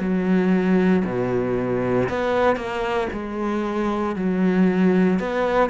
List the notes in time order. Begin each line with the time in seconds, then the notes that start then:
0.00 F#3
1.05 B2
2.09 B3
2.56 A#3
3.13 G#3
4.16 F#3
5.20 B3